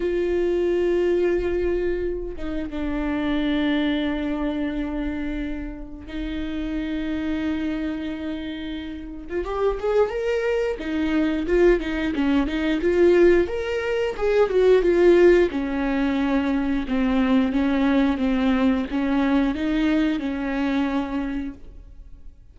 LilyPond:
\new Staff \with { instrumentName = "viola" } { \time 4/4 \tempo 4 = 89 f'2.~ f'8 dis'8 | d'1~ | d'4 dis'2.~ | dis'4.~ dis'16 f'16 g'8 gis'8 ais'4 |
dis'4 f'8 dis'8 cis'8 dis'8 f'4 | ais'4 gis'8 fis'8 f'4 cis'4~ | cis'4 c'4 cis'4 c'4 | cis'4 dis'4 cis'2 | }